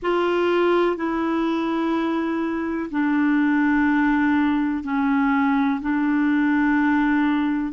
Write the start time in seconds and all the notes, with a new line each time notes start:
0.02 F4
0.96 E4
2.91 D4
4.83 C#4
5.81 D4